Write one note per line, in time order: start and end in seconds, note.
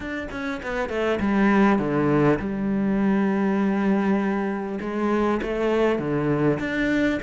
0.00 0.28 D4
0.31 0.61 C#4
0.62 0.89 B3
0.89 1.19 A3
1.20 1.78 G3
1.78 2.38 D3
2.39 4.79 G3
4.81 5.41 G#3
5.42 5.98 A3
5.98 6.58 D3
6.59 7.19 D4